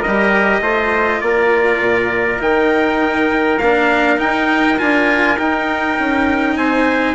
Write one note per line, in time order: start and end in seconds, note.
0.00 0.59 A#4
0.00 1.20 D#5
0.07 0.60 G3
0.07 0.61 G4
0.60 1.19 A3
0.60 2.39 F4
0.60 1.22 C5
1.20 1.79 A#3
1.20 6.58 A#4
1.20 2.39 D5
1.79 2.39 A#2
2.39 3.59 D#3
2.39 3.58 D#4
2.39 3.58 G5
3.58 4.19 A#3
3.58 4.17 D4
3.58 4.17 F5
4.17 4.76 D#4
4.17 4.78 D#4
4.17 4.78 G5
4.77 5.38 D4
4.77 5.36 F4
4.77 5.37 G#5
5.38 5.97 D#4
5.38 7.14 D#4
5.38 6.56 G5
5.99 6.56 C#4
6.56 7.14 C4
6.56 7.14 C5
6.56 7.14 G#5